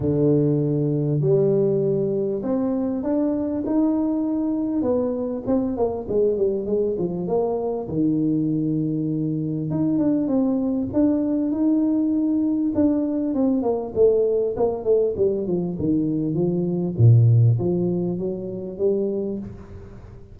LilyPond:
\new Staff \with { instrumentName = "tuba" } { \time 4/4 \tempo 4 = 99 d2 g2 | c'4 d'4 dis'2 | b4 c'8 ais8 gis8 g8 gis8 f8 | ais4 dis2. |
dis'8 d'8 c'4 d'4 dis'4~ | dis'4 d'4 c'8 ais8 a4 | ais8 a8 g8 f8 dis4 f4 | ais,4 f4 fis4 g4 | }